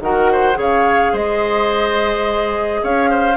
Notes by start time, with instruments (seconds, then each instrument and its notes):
0.00 bassoon D#3, clarinet F#4, oboe A#4, flute F#5
0.32 oboe C5
0.54 bassoon C#3, clarinet G#4, oboe C#5
0.60 flute F5
1.12 bassoon G#3, oboe C5, flute D#5
2.83 bassoon C#4, oboe C#5, flute F5
3.10 oboe C5